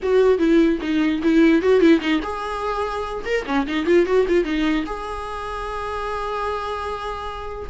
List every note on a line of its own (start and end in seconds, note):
0.02 0.38 F#4
0.38 0.79 E4
0.81 1.21 D#4
1.22 1.61 E4
1.61 1.80 F#4
1.80 2.00 E4
2.00 2.20 D#4
2.23 3.24 G#4
3.25 3.45 A#4
3.46 3.66 C#4
3.66 3.86 D#4
3.86 4.05 F4
4.05 4.26 F#4
4.28 4.44 F4
4.44 4.84 D#4
4.86 7.69 G#4